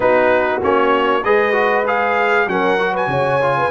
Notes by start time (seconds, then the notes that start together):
0.00 B3 D#4 F#4 B4
0.61 A#3 C#4 C#5
1.23 G#3 G#4 B4 D#5
1.52 F#4
1.86 G#4 F5
2.47 F#3 C#4 A#4 F#5
2.78 F#4
2.92 B4 G#5
3.07 C#3 C#5
3.41 F4
3.57 B4